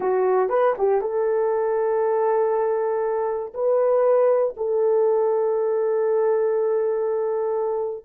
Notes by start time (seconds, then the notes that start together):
0.00 F#4
0.49 B4
0.77 G4
1.01 A4
3.54 B4
4.57 A4